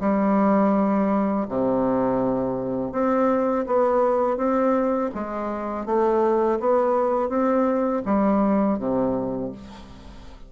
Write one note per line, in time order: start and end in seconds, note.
0.00 1.46 G3
1.48 2.92 C3
2.92 3.65 C4
3.66 4.37 B3
4.37 5.10 C4
5.14 5.86 G#3
5.86 6.59 A3
6.60 7.29 B3
7.29 8.02 C4
8.05 8.78 G3
8.78 9.51 C3